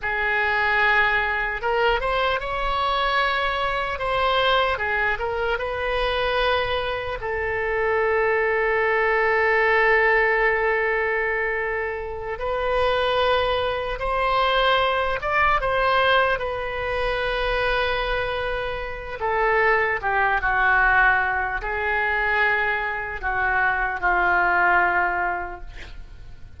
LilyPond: \new Staff \with { instrumentName = "oboe" } { \time 4/4 \tempo 4 = 75 gis'2 ais'8 c''8 cis''4~ | cis''4 c''4 gis'8 ais'8 b'4~ | b'4 a'2.~ | a'2.~ a'8 b'8~ |
b'4. c''4. d''8 c''8~ | c''8 b'2.~ b'8 | a'4 g'8 fis'4. gis'4~ | gis'4 fis'4 f'2 | }